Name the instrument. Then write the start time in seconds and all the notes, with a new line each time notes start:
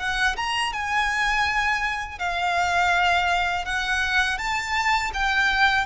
violin
0.00 F#5
0.37 A#5
0.73 G#5
2.20 F5
3.66 F#5
4.38 A5
5.14 G5